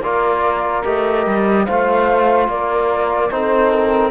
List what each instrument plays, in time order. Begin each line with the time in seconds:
0.00 cello A#3, trombone F4, horn A#4, flute D5
0.84 cello A3, trombone G4, flute D#5
1.26 cello G3
1.65 cello A3, trombone F4, horn C5, flute F5
2.48 cello A#3, horn A#4, flute D5
3.30 cello C4, trombone D#4, horn A4, flute C5
3.70 flute A#4